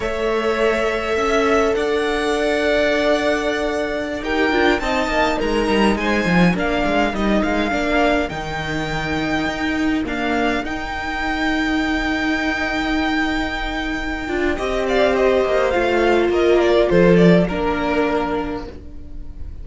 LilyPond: <<
  \new Staff \with { instrumentName = "violin" } { \time 4/4 \tempo 4 = 103 e''2. fis''4~ | fis''2.~ fis''16 g''8.~ | g''16 a''4 ais''4 gis''4 f''8.~ | f''16 dis''8 f''4. g''4.~ g''16~ |
g''4~ g''16 f''4 g''4.~ g''16~ | g''1~ | g''4. f''8 dis''4 f''4 | dis''8 d''8 c''8 d''8 ais'2 | }
  \new Staff \with { instrumentName = "violin" } { \time 4/4 cis''2 e''4 d''4~ | d''2.~ d''16 ais'8.~ | ais'16 dis''4 ais'4 c''4 ais'8.~ | ais'1~ |
ais'1~ | ais'1~ | ais'4 dis''8 d''8 c''2 | ais'4 a'4 ais'2 | }
  \new Staff \with { instrumentName = "viola" } { \time 4/4 a'1~ | a'2.~ a'16 g'8 f'16~ | f'16 dis'2. d'8.~ | d'16 dis'4 d'4 dis'4.~ dis'16~ |
dis'4~ dis'16 ais4 dis'4.~ dis'16~ | dis'1~ | dis'8 f'8 g'2 f'4~ | f'2 d'2 | }
  \new Staff \with { instrumentName = "cello" } { \time 4/4 a2 cis'4 d'4~ | d'2.~ d'16 dis'8 d'16~ | d'16 c'8 ais8 gis8 g8 gis8 f8 ais8 gis16~ | gis16 g8 gis8 ais4 dis4.~ dis16~ |
dis16 dis'4 d'4 dis'4.~ dis'16~ | dis'1~ | dis'8 d'8 c'4. ais8 a4 | ais4 f4 ais2 | }
>>